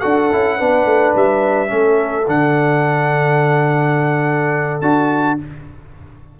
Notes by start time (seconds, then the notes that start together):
0.00 D4 F#4 A4 F#5
0.32 C#4 E4
0.58 B3 D4 B4
0.86 A3
1.15 G3 E5
1.68 A3 C#4 A4
2.28 D3 D4 F#5
4.81 D4 F#4 A5